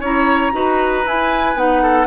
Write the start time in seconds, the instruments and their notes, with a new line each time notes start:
0.00 bassoon C#4, clarinet E4, oboe C#5, flute A#5
0.52 bassoon D#4, clarinet F#4, oboe B4
1.05 bassoon E4, clarinet E4, flute G#5
1.55 bassoon B3, clarinet D#4, flute F#5
1.82 oboe A4